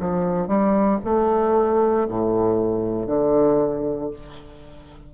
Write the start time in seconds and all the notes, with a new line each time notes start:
0.00 F3
0.47 G3
1.04 A3
2.08 A2
3.07 D3